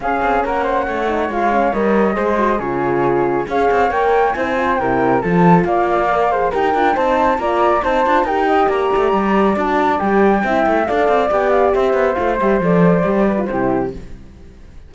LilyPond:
<<
  \new Staff \with { instrumentName = "flute" } { \time 4/4 \tempo 4 = 138 f''4 fis''2 f''4 | dis''2 cis''2 | f''4 g''4 gis''4 g''4 | a''4 f''2 g''4 |
a''4 ais''4 a''4 g''4 | ais''2 a''4 g''4~ | g''4 f''4 g''8 f''8 e''4 | f''8 e''8 d''2 c''4 | }
  \new Staff \with { instrumentName = "flute" } { \time 4/4 gis'4 ais'8 c''8 cis''2~ | cis''4 c''4 gis'2 | cis''2 c''4 ais'4 | a'4 d''4. c''8 ais'4 |
c''4 d''4 c''4 ais'8 dis''8 | d''1 | e''4 d''2 c''4~ | c''2~ c''8 b'8 g'4 | }
  \new Staff \with { instrumentName = "horn" } { \time 4/4 cis'2~ cis'8 dis'8 f'8 cis'8 | ais'4 gis'8 fis'8 f'2 | gis'4 ais'4 e'8 f'8 e'4 | f'2 ais'8 gis'8 g'8 f'8 |
dis'4 f'4 dis'8 f'8 g'4~ | g'2 fis'4 g'4 | e'4 a'4 g'2 | f'8 g'8 a'4 g'8. f'16 e'4 | }
  \new Staff \with { instrumentName = "cello" } { \time 4/4 cis'8 c'8 ais4 a4 gis4 | g4 gis4 cis2 | cis'8 c'8 ais4 c'4 c4 | f4 ais2 dis'8 d'8 |
c'4 ais4 c'8 d'8 dis'4 | ais8 a8 g4 d'4 g4 | c'8 a8 d'8 c'8 b4 c'8 b8 | a8 g8 f4 g4 c4 | }
>>